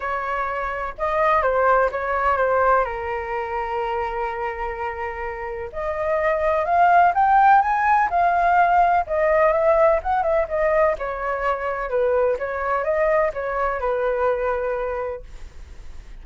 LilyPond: \new Staff \with { instrumentName = "flute" } { \time 4/4 \tempo 4 = 126 cis''2 dis''4 c''4 | cis''4 c''4 ais'2~ | ais'1 | dis''2 f''4 g''4 |
gis''4 f''2 dis''4 | e''4 fis''8 e''8 dis''4 cis''4~ | cis''4 b'4 cis''4 dis''4 | cis''4 b'2. | }